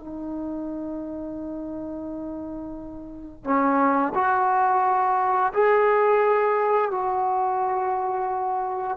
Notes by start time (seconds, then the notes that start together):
0.00 D#4
3.45 C#4
4.15 F#4
5.54 G#4
6.91 F#4